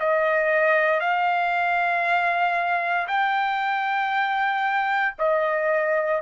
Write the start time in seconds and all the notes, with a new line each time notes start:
0.00 D#5
1.01 F5
3.08 G5
5.19 D#5